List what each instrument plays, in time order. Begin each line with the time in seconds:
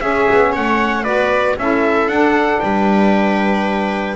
0.00 double bass C#4, saxophone C#4, viola G#4, trumpet E5
0.30 double bass B3
0.52 double bass A3, viola C#5, trumpet F#5
1.02 double bass B3, saxophone F#4, viola B4, trumpet D5
1.57 double bass C#4, saxophone E4, viola A4, trumpet E5
2.06 double bass D4, saxophone D4, trumpet F#5
2.59 double bass G3, viola B4, trumpet G5